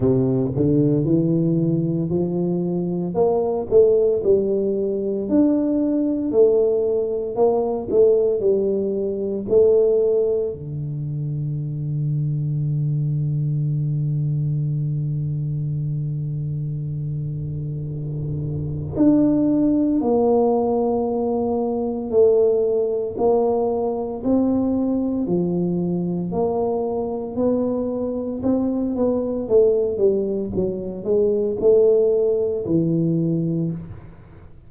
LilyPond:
\new Staff \with { instrumentName = "tuba" } { \time 4/4 \tempo 4 = 57 c8 d8 e4 f4 ais8 a8 | g4 d'4 a4 ais8 a8 | g4 a4 d2~ | d1~ |
d2 d'4 ais4~ | ais4 a4 ais4 c'4 | f4 ais4 b4 c'8 b8 | a8 g8 fis8 gis8 a4 e4 | }